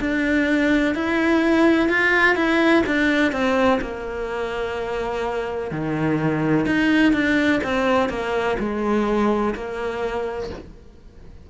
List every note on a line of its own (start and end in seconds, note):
0.00 0.94 D4
0.94 1.88 E4
1.88 2.35 F4
2.35 2.83 E4
2.86 3.32 D4
3.32 3.79 C4
3.81 5.71 A#3
5.71 6.66 D#3
6.66 7.13 D#4
7.13 7.60 D4
7.63 8.09 C4
8.09 8.56 A#3
8.59 9.54 G#3
9.55 10.50 A#3